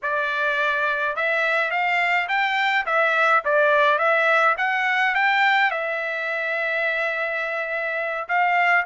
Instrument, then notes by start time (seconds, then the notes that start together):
trumpet
0.02 D5
1.16 E5
1.70 F5
2.28 G5
2.85 E5
3.44 D5
3.98 E5
4.57 F#5
5.15 G5
5.70 E5
8.28 F5